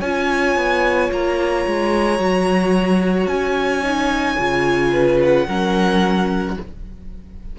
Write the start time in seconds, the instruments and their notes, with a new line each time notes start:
0.00 cello C#4, viola F4, violin C#5 G#5
0.56 cello B3
1.12 cello A#3, violin A#5
1.66 cello G#3
2.18 cello F#3, viola F#4
3.27 cello C#4, violin G#5
3.83 viola D#4
4.38 cello C#3, viola F4
4.93 violin B4
5.22 violin F#5
5.47 cello F#3, viola C#4, violin A#4